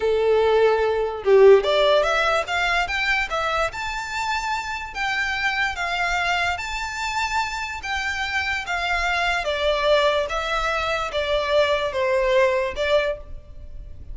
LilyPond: \new Staff \with { instrumentName = "violin" } { \time 4/4 \tempo 4 = 146 a'2. g'4 | d''4 e''4 f''4 g''4 | e''4 a''2. | g''2 f''2 |
a''2. g''4~ | g''4 f''2 d''4~ | d''4 e''2 d''4~ | d''4 c''2 d''4 | }